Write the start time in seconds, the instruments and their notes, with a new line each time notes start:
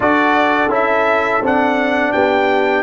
0.00 tuba D4, trombone F#4, horn A4, trumpet D5
0.68 tuba C#4, trombone E4, trumpet E5
1.41 tuba C4, trombone D4, trumpet F#5
2.12 tuba B3, horn G4, trumpet G5